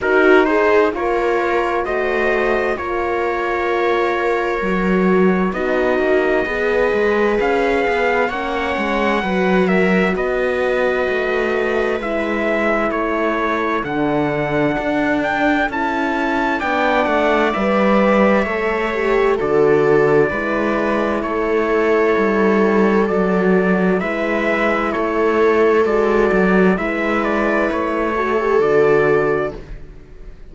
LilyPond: <<
  \new Staff \with { instrumentName = "trumpet" } { \time 4/4 \tempo 4 = 65 ais'8 c''8 cis''4 dis''4 cis''4~ | cis''2 dis''2 | f''4 fis''4. e''8 dis''4~ | dis''4 e''4 cis''4 fis''4~ |
fis''8 g''8 a''4 g''8 fis''8 e''4~ | e''4 d''2 cis''4~ | cis''4 d''4 e''4 cis''4 | d''4 e''8 d''8 cis''4 d''4 | }
  \new Staff \with { instrumentName = "viola" } { \time 4/4 fis'8 gis'8 ais'4 c''4 ais'4~ | ais'2 fis'4 b'4~ | b'4 cis''4 b'8 ais'8 b'4~ | b'2 a'2~ |
a'2 d''2 | cis''4 a'4 b'4 a'4~ | a'2 b'4 a'4~ | a'4 b'4. a'4. | }
  \new Staff \with { instrumentName = "horn" } { \time 4/4 dis'4 f'4 fis'4 f'4~ | f'4 fis'4 dis'4 gis'4~ | gis'4 cis'4 fis'2~ | fis'4 e'2 d'4~ |
d'4 e'4 d'4 b'4 | a'8 g'8 fis'4 e'2~ | e'4 fis'4 e'2 | fis'4 e'4. fis'16 g'16 fis'4 | }
  \new Staff \with { instrumentName = "cello" } { \time 4/4 dis'4 ais4 a4 ais4~ | ais4 fis4 b8 ais8 b8 gis8 | cis'8 b8 ais8 gis8 fis4 b4 | a4 gis4 a4 d4 |
d'4 cis'4 b8 a8 g4 | a4 d4 gis4 a4 | g4 fis4 gis4 a4 | gis8 fis8 gis4 a4 d4 | }
>>